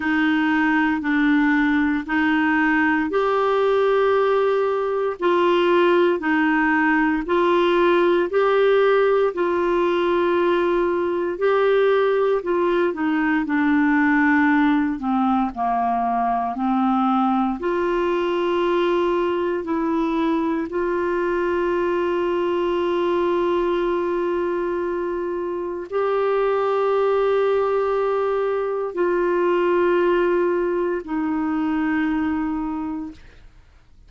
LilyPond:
\new Staff \with { instrumentName = "clarinet" } { \time 4/4 \tempo 4 = 58 dis'4 d'4 dis'4 g'4~ | g'4 f'4 dis'4 f'4 | g'4 f'2 g'4 | f'8 dis'8 d'4. c'8 ais4 |
c'4 f'2 e'4 | f'1~ | f'4 g'2. | f'2 dis'2 | }